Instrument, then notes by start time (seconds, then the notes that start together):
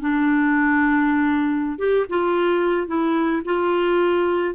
clarinet
0.00 D4
1.78 G4
2.09 F4
2.87 E4
3.45 F4